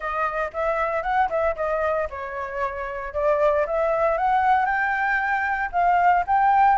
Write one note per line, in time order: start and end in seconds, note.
0.00 0.51 D#5
0.53 1.02 E5
1.02 1.29 F#5
1.29 1.55 E5
1.56 2.08 D#5
2.10 3.13 C#5
3.13 3.65 D5
3.66 4.17 E5
4.17 4.65 F#5
4.65 5.70 G5
5.72 6.24 F5
6.27 6.78 G5